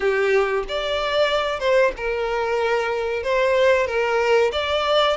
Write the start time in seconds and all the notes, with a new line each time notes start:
0.00 G4
0.68 D5
1.59 C5
1.96 A#4
3.23 C5
3.86 A#4
4.52 D5